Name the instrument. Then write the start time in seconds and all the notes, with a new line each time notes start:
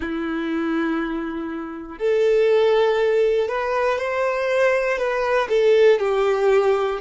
violin
0.00 E4
1.98 A4
3.48 B4
3.98 C5
4.98 B4
5.49 A4
5.99 G4